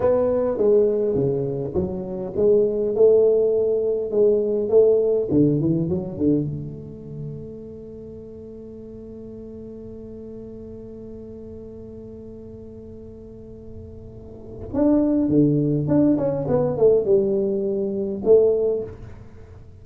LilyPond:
\new Staff \with { instrumentName = "tuba" } { \time 4/4 \tempo 4 = 102 b4 gis4 cis4 fis4 | gis4 a2 gis4 | a4 d8 e8 fis8 d8 a4~ | a1~ |
a1~ | a1~ | a4 d'4 d4 d'8 cis'8 | b8 a8 g2 a4 | }